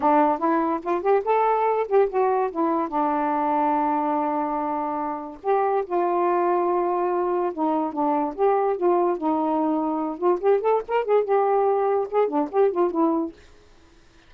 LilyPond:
\new Staff \with { instrumentName = "saxophone" } { \time 4/4 \tempo 4 = 144 d'4 e'4 f'8 g'8 a'4~ | a'8 g'8 fis'4 e'4 d'4~ | d'1~ | d'4 g'4 f'2~ |
f'2 dis'4 d'4 | g'4 f'4 dis'2~ | dis'8 f'8 g'8 a'8 ais'8 gis'8 g'4~ | g'4 gis'8 d'8 g'8 f'8 e'4 | }